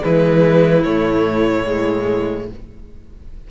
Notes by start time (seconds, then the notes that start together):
0.00 E3 G#3 E4 B4
0.83 A2 A3 C#5
1.65 G#3